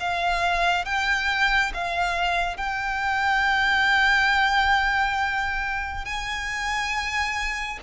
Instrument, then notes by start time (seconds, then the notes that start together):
violin
0.00 F5
0.85 G5
1.74 F5
2.57 G5
6.05 G#5